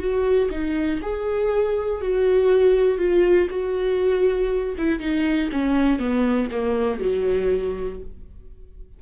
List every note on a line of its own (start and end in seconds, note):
0.00 0.50 F#4
0.51 1.01 D#4
1.02 2.01 G#4
2.01 2.98 F#4
2.98 3.48 F4
3.50 4.75 F#4
4.78 5.00 E4
5.00 5.50 D#4
5.52 6.00 C#4
6.00 6.50 B3
6.52 7.00 A#3
7.00 8.00 F#3